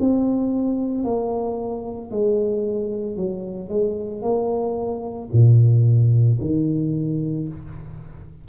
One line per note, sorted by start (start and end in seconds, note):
0.00 1.04 C4
1.04 2.11 A#3
2.11 3.17 G#3
3.17 3.69 F#3
3.69 4.22 G#3
4.22 5.29 A#3
5.32 6.39 A#2
6.41 7.48 D#3